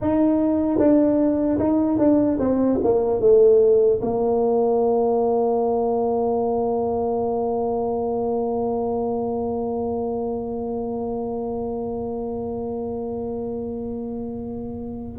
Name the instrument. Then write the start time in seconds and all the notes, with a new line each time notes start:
tuba
0.01 D#4
0.78 D4
1.59 D#4
1.98 D4
2.39 C4
2.83 A#3
3.20 A3
4.01 A#3